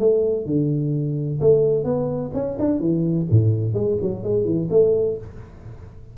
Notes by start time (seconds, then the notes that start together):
0.00 A3
0.46 D3
1.41 A3
1.85 B3
2.34 C#4
2.59 D4
2.80 E3
3.31 A2
3.74 G#3
4.02 F#3
4.24 G#3
4.45 E3
4.71 A3